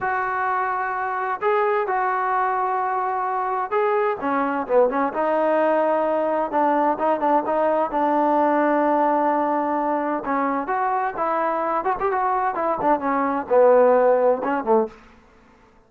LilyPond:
\new Staff \with { instrumentName = "trombone" } { \time 4/4 \tempo 4 = 129 fis'2. gis'4 | fis'1 | gis'4 cis'4 b8 cis'8 dis'4~ | dis'2 d'4 dis'8 d'8 |
dis'4 d'2.~ | d'2 cis'4 fis'4 | e'4. fis'16 g'16 fis'4 e'8 d'8 | cis'4 b2 cis'8 a8 | }